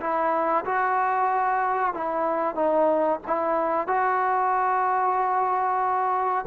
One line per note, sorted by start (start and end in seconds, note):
0.00 0.65 E4
0.65 1.94 F#4
1.94 2.55 E4
2.55 3.19 D#4
3.27 3.87 E4
3.87 6.45 F#4